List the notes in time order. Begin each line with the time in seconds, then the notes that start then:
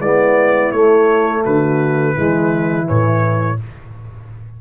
0.00 G#3 B3 E4 D5
0.72 A3 C#5
1.44 D3 F#4 B4
2.15 E3 G#3 E4
2.84 A2 E3 C#5